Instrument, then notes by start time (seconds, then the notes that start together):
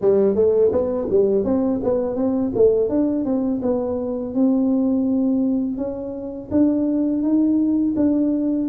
tuba
0.01 G3
0.35 A3
0.72 B3
1.10 G3
1.44 C4
1.83 B3
2.15 C4
2.55 A3
2.89 D4
3.24 C4
3.62 B3
4.34 C4
5.77 C#4
6.51 D4
7.22 D#4
7.96 D4